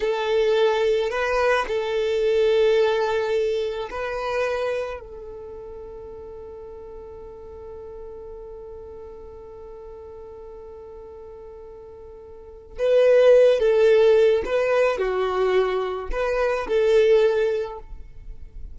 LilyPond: \new Staff \with { instrumentName = "violin" } { \time 4/4 \tempo 4 = 108 a'2 b'4 a'4~ | a'2. b'4~ | b'4 a'2.~ | a'1~ |
a'1~ | a'2. b'4~ | b'8 a'4. b'4 fis'4~ | fis'4 b'4 a'2 | }